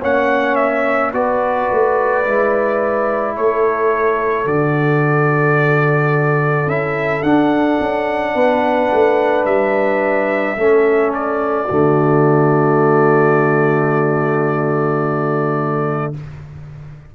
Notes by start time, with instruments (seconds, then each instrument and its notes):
0.00 tuba A#3, trombone C#4, horn C#5, trumpet F#5
0.55 trumpet E5
1.12 tuba B3, trombone F#4, horn B4, trumpet D5
1.72 tuba A3
2.24 tuba G#3, trombone E4
3.36 tuba A3, horn A4, trumpet C#5
4.45 tuba D3, trombone F#4, trumpet D5
6.66 tuba C#4, trombone E4, trumpet E5
7.22 tuba D4, trombone D4, trumpet F#5
7.80 tuba C#4
8.34 tuba B3, horn B4
8.93 tuba A3
9.45 tuba G3, trumpet E5
10.57 tuba A3, trombone C#4, horn A4
11.14 trumpet D5
11.65 tuba D3, trombone A3, horn F#4